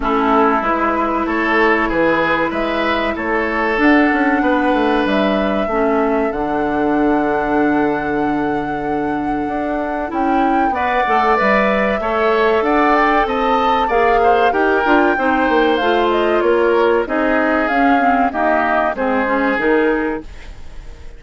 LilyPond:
<<
  \new Staff \with { instrumentName = "flute" } { \time 4/4 \tempo 4 = 95 a'4 b'4 cis''4 b'4 | e''4 cis''4 fis''2 | e''2 fis''2~ | fis''1 |
g''4 fis''4 e''2 | fis''8 g''8 a''4 f''4 g''4~ | g''4 f''8 dis''8 cis''4 dis''4 | f''4 dis''4 c''4 ais'4 | }
  \new Staff \with { instrumentName = "oboe" } { \time 4/4 e'2 a'4 gis'4 | b'4 a'2 b'4~ | b'4 a'2.~ | a'1~ |
a'4 d''2 cis''4 | d''4 dis''4 d''8 c''8 ais'4 | c''2 ais'4 gis'4~ | gis'4 g'4 gis'2 | }
  \new Staff \with { instrumentName = "clarinet" } { \time 4/4 cis'4 e'2.~ | e'2 d'2~ | d'4 cis'4 d'2~ | d'1 |
e'4 b'8 a'8 b'4 a'4~ | a'2 gis'4 g'8 f'8 | dis'4 f'2 dis'4 | cis'8 c'8 ais4 c'8 cis'8 dis'4 | }
  \new Staff \with { instrumentName = "bassoon" } { \time 4/4 a4 gis4 a4 e4 | gis4 a4 d'8 cis'8 b8 a8 | g4 a4 d2~ | d2. d'4 |
cis'4 b8 a8 g4 a4 | d'4 c'4 ais4 dis'8 d'8 | c'8 ais8 a4 ais4 c'4 | cis'4 dis'4 gis4 dis4 | }
>>